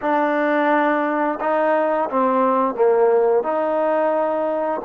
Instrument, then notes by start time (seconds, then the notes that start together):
trombone
0.01 D4
1.40 D#4
2.10 C4
2.74 A#3
3.43 D#4